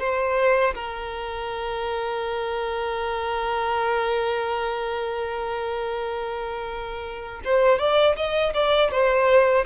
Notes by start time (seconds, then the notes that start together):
0.00 C5
0.75 A#4
7.45 C5
7.79 D5
8.16 D#5
8.54 D5
8.91 C5